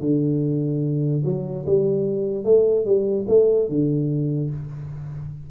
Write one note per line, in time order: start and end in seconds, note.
0.00 1.22 D3
1.24 1.65 F#3
1.66 2.44 G3
2.44 2.85 A3
2.85 3.26 G3
3.28 3.68 A3
3.68 4.50 D3